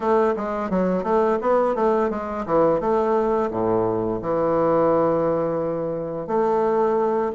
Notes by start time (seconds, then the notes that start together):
0.00 A3
0.36 G#3
0.70 F#3
1.03 A3
1.41 B3
1.75 A3
2.10 G#3
2.46 E3
2.80 A3
3.50 A2
4.21 E3
6.27 A3